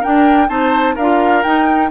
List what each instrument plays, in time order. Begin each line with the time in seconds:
0.00 clarinet D4, bassoon D4, oboe A#4, flute G5
0.48 bassoon C4, clarinet D#4, oboe C5, flute A5
0.95 bassoon D4, oboe A#4, flute F5
1.01 clarinet F4
1.43 clarinet D#4, bassoon D#4, flute G5